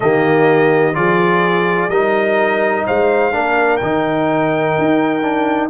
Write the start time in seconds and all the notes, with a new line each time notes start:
0.00 D#3 A#3 G4 D#5
0.93 F3 F4 G#4 D5
1.88 G3 D#4 A#4 D#5
2.86 G#3 C5 F5
3.32 A#3 D4 A#4
3.76 D#3 D#4 G5
4.78 D#4
5.22 D4